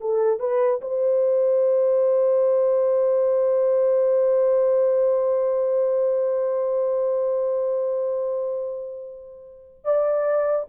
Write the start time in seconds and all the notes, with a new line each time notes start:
0.00 A4
0.39 B4
0.81 C5
9.84 D5